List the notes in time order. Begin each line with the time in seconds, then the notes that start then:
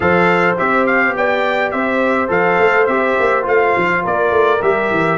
0.00 F3 A4 C5 F5
0.58 C4 G4 E5
0.86 F5
1.16 B3 D5 G5
1.71 C4 C5 E5
2.27 F3 A4 F5
2.58 A3
2.86 C4 G4 E5
3.19 A#3
3.42 A3 F4 F5
3.76 F3
4.03 A#3 A#4 D5
4.30 A3
4.62 G3 G4 E5
4.90 E3